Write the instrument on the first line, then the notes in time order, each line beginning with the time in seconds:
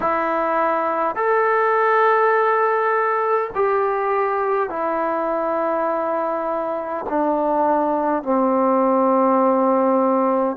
trombone
0.00 E4
1.15 A4
3.55 G4
4.70 E4
7.09 D4
8.22 C4